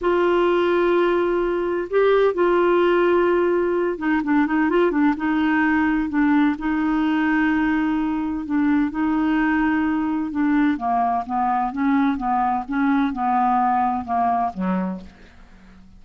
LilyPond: \new Staff \with { instrumentName = "clarinet" } { \time 4/4 \tempo 4 = 128 f'1 | g'4 f'2.~ | f'8 dis'8 d'8 dis'8 f'8 d'8 dis'4~ | dis'4 d'4 dis'2~ |
dis'2 d'4 dis'4~ | dis'2 d'4 ais4 | b4 cis'4 b4 cis'4 | b2 ais4 fis4 | }